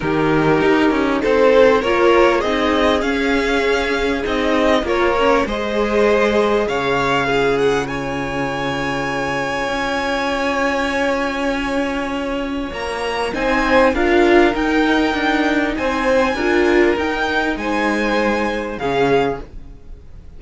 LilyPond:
<<
  \new Staff \with { instrumentName = "violin" } { \time 4/4 \tempo 4 = 99 ais'2 c''4 cis''4 | dis''4 f''2 dis''4 | cis''4 dis''2 f''4~ | f''8 fis''8 gis''2.~ |
gis''1~ | gis''4 ais''4 gis''4 f''4 | g''2 gis''2 | g''4 gis''2 f''4 | }
  \new Staff \with { instrumentName = "violin" } { \time 4/4 g'2 a'4 ais'4 | gis'1 | ais'4 c''2 cis''4 | gis'4 cis''2.~ |
cis''1~ | cis''2 c''4 ais'4~ | ais'2 c''4 ais'4~ | ais'4 c''2 gis'4 | }
  \new Staff \with { instrumentName = "viola" } { \time 4/4 dis'2. f'4 | dis'4 cis'2 dis'4 | f'8 cis'8 gis'2. | f'1~ |
f'1~ | f'2 dis'4 f'4 | dis'2. f'4 | dis'2. cis'4 | }
  \new Staff \with { instrumentName = "cello" } { \time 4/4 dis4 dis'8 cis'8 c'4 ais4 | c'4 cis'2 c'4 | ais4 gis2 cis4~ | cis1 |
cis'1~ | cis'4 ais4 c'4 d'4 | dis'4 d'4 c'4 d'4 | dis'4 gis2 cis4 | }
>>